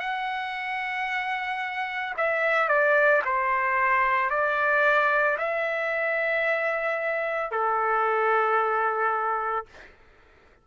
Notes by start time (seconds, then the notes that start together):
0.00 F#5
2.17 E5
2.69 D5
3.25 C5
4.31 D5
5.39 E5
7.51 A4